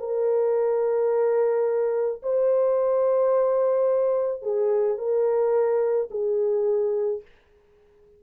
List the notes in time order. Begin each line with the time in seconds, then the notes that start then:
0.00 A#4
2.23 C5
4.43 G#4
4.98 A#4
6.11 G#4